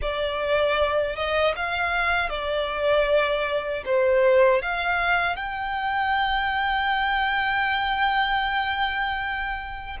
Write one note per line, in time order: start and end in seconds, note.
0.01 1.16 D5
1.16 1.54 D#5
1.56 2.29 F5
2.29 3.83 D5
3.85 4.62 C5
4.62 5.36 F5
5.36 9.97 G5